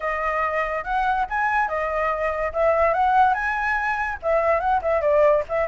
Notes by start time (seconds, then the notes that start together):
0.00 D#5
0.84 F#5
1.29 G#5
1.68 D#5
2.52 E5
2.93 F#5
3.34 G#5
4.22 E5
4.59 F#5
4.81 E5
5.01 D5
5.48 E5